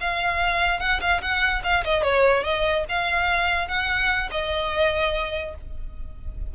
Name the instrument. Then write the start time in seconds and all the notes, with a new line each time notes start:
violin
0.00 F5
0.79 F#5
1.00 F5
1.21 F#5
1.63 F5
1.84 D#5
2.02 C#5
2.43 D#5
2.89 F5
3.68 F#5
4.31 D#5